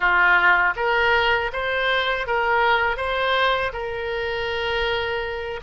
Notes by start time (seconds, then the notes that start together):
0.00 F4
0.76 A#4
1.52 C5
2.26 A#4
2.96 C5
3.73 A#4